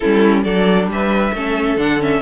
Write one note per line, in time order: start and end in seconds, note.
0.00 0.45 G3
0.00 0.44 C#4
0.00 0.44 E4
0.00 0.41 A4
0.43 0.86 F#3
0.43 1.33 D4
0.43 0.88 A4
0.43 0.88 D5
0.86 1.31 G3
0.86 1.34 B4
0.86 1.79 E5
1.33 1.76 A3
1.33 1.77 C#4
1.33 2.22 A4
1.76 2.20 D3
1.76 1.99 D4
1.76 2.01 F#5
1.99 2.21 C#4
1.99 2.22 E5